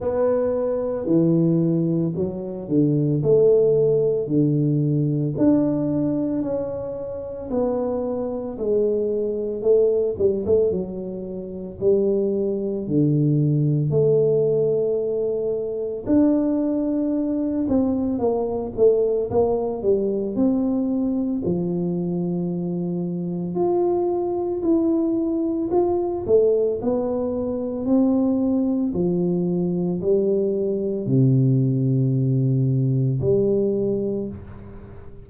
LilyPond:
\new Staff \with { instrumentName = "tuba" } { \time 4/4 \tempo 4 = 56 b4 e4 fis8 d8 a4 | d4 d'4 cis'4 b4 | gis4 a8 g16 a16 fis4 g4 | d4 a2 d'4~ |
d'8 c'8 ais8 a8 ais8 g8 c'4 | f2 f'4 e'4 | f'8 a8 b4 c'4 f4 | g4 c2 g4 | }